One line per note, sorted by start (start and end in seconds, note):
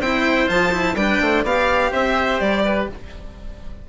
0.00 0.48 C4
0.00 0.47 E4
0.00 0.95 C5
0.00 0.48 G5
0.47 0.94 F3
0.47 0.71 F4
0.47 0.96 A5
0.72 0.95 E4
0.94 1.18 G3
0.94 1.46 D4
0.94 1.22 B4
0.94 1.43 G5
1.21 1.43 A3
1.21 1.44 C5
1.43 1.91 B3
1.43 2.89 G4
1.43 1.91 D5
1.43 1.92 F5
1.91 2.40 C4
1.91 2.62 C5
1.91 2.40 E5
2.40 2.88 G3
2.40 2.87 D5
2.64 2.88 B4